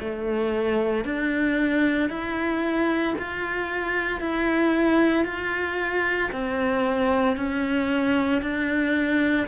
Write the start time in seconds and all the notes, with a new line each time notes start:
0.00 A3
1.05 D4
2.10 E4
3.19 F4
4.21 E4
5.25 F4
6.32 C4
7.37 C#4
8.42 D4